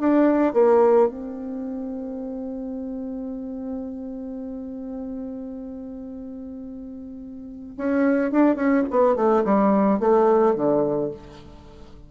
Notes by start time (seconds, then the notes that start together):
0.00 D4
0.54 A#3
1.09 C4
7.78 C#4
8.32 D4
8.56 C#4
8.91 B3
9.16 A3
9.45 G3
10.00 A3
10.56 D3